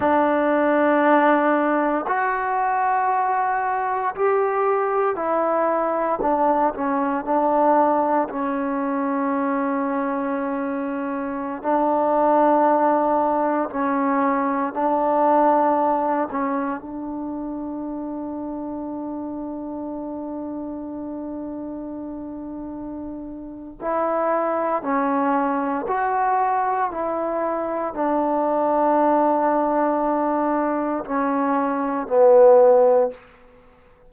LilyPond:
\new Staff \with { instrumentName = "trombone" } { \time 4/4 \tempo 4 = 58 d'2 fis'2 | g'4 e'4 d'8 cis'8 d'4 | cis'2.~ cis'16 d'8.~ | d'4~ d'16 cis'4 d'4. cis'16~ |
cis'16 d'2.~ d'8.~ | d'2. e'4 | cis'4 fis'4 e'4 d'4~ | d'2 cis'4 b4 | }